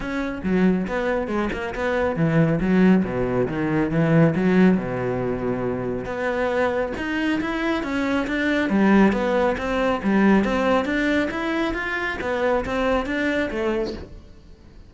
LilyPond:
\new Staff \with { instrumentName = "cello" } { \time 4/4 \tempo 4 = 138 cis'4 fis4 b4 gis8 ais8 | b4 e4 fis4 b,4 | dis4 e4 fis4 b,4~ | b,2 b2 |
dis'4 e'4 cis'4 d'4 | g4 b4 c'4 g4 | c'4 d'4 e'4 f'4 | b4 c'4 d'4 a4 | }